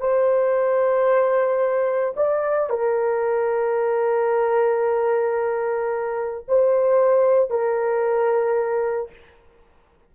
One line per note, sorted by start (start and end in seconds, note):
0.00 2.14 C5
2.16 2.70 D5
2.70 6.45 A#4
6.48 7.50 C5
7.50 9.11 A#4